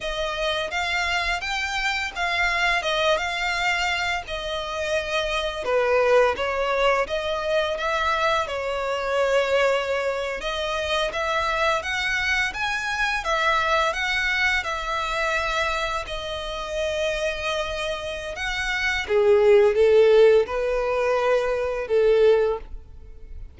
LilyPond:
\new Staff \with { instrumentName = "violin" } { \time 4/4 \tempo 4 = 85 dis''4 f''4 g''4 f''4 | dis''8 f''4. dis''2 | b'4 cis''4 dis''4 e''4 | cis''2~ cis''8. dis''4 e''16~ |
e''8. fis''4 gis''4 e''4 fis''16~ | fis''8. e''2 dis''4~ dis''16~ | dis''2 fis''4 gis'4 | a'4 b'2 a'4 | }